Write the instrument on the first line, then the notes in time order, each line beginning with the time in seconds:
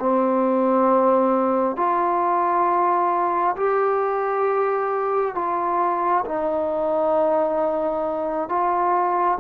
trombone
0.00 C4
1.77 F4
3.57 G4
5.35 F4
6.26 D#4
8.49 F4